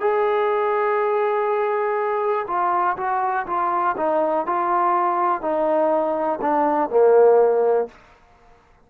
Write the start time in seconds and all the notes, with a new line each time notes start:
0.00 G#4
2.47 F4
2.97 F#4
3.47 F4
3.97 D#4
4.46 F4
5.41 D#4
6.41 D4
6.90 A#3